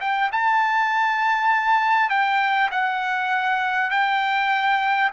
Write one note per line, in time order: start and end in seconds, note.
0.00 0.30 G5
0.32 2.09 A5
2.09 2.69 G5
2.71 3.90 F#5
3.90 5.10 G5